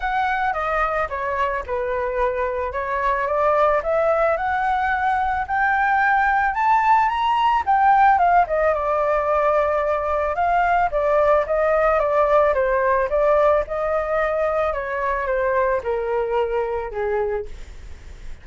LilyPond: \new Staff \with { instrumentName = "flute" } { \time 4/4 \tempo 4 = 110 fis''4 dis''4 cis''4 b'4~ | b'4 cis''4 d''4 e''4 | fis''2 g''2 | a''4 ais''4 g''4 f''8 dis''8 |
d''2. f''4 | d''4 dis''4 d''4 c''4 | d''4 dis''2 cis''4 | c''4 ais'2 gis'4 | }